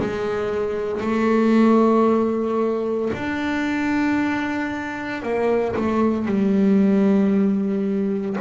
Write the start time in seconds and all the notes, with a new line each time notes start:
0.00 G#3
1.01 A3
3.13 D4
5.22 A#3
5.76 A3
6.26 G3